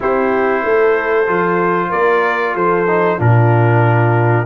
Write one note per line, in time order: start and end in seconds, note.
0.00 0.64 C4
0.00 1.26 E4
0.00 0.64 G4
0.00 1.91 C5
0.64 1.28 A3
0.64 1.89 A4
1.27 1.92 F3
1.27 2.86 F4
1.89 2.55 A#3
1.89 2.53 A#4
1.89 2.55 D5
2.54 3.18 F3
2.54 3.18 A4
2.54 3.19 C5
2.86 3.18 D#4
3.18 4.45 A#2
3.18 4.45 D4
3.18 4.45 F4
3.18 4.45 A#4